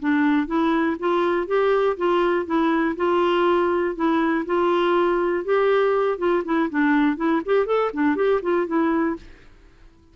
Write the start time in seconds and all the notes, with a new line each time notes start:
0.00 D4
0.47 E4
1.00 F4
1.47 G4
1.97 F4
2.46 E4
2.96 F4
3.96 E4
4.46 F4
5.45 G4
6.18 F4
6.45 E4
6.70 D4
7.17 E4
7.45 G4
7.66 A4
7.94 D4
8.16 G4
8.42 F4
8.67 E4